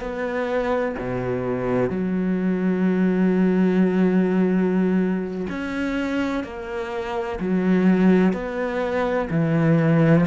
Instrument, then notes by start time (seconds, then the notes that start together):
cello
0.00 B3
0.98 B2
1.90 F#3
5.49 C#4
6.43 A#3
7.39 F#3
8.33 B3
9.30 E3